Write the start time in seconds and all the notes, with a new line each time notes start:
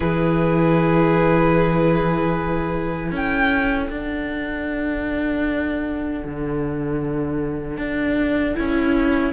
0.00 E3 E4 G#4 B4
3.10 C#4 A4
3.16 G5
3.88 D4 F#5
6.24 D3
7.77 D4
8.55 C#4 E4